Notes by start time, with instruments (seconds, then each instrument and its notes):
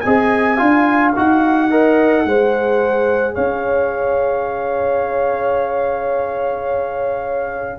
0.00 tuba C4, trombone G#4, horn D#5, trumpet G#5
0.57 tuba D4, trombone F4, horn F5
1.16 tuba D#4, trombone F#4, trumpet F#5
1.70 trombone A#4, horn D#5
2.25 tuba G#3, trombone G#4, horn C5
3.34 tuba C#4, horn C#5, trumpet F5